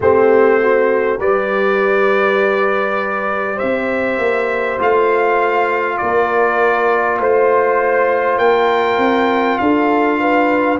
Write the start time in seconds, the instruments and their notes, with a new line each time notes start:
0.00 tuba A3, trombone C4, horn G4, trumpet C5
0.61 horn F#4
1.18 tuba G3, trombone G4, horn B4, trumpet D5
3.56 horn C5, trumpet E5
3.62 tuba C4
4.17 tuba A#3
4.78 tuba A3, trombone F4, trumpet F5
5.97 tuba A#3, horn A#4, trumpet D5
7.19 tuba A3, horn C5, trumpet C5
8.38 tuba A#3, horn A#4, trumpet G5
8.97 tuba C4
9.58 tuba D4, horn A4, trumpet F5
10.20 horn B4